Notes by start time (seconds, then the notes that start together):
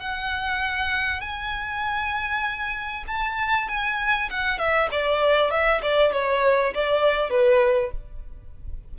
0.00 F#5
1.21 G#5
3.08 A5
3.69 G#5
4.30 F#5
4.59 E5
4.92 D5
5.51 E5
5.82 D5
6.13 C#5
6.74 D5
7.31 B4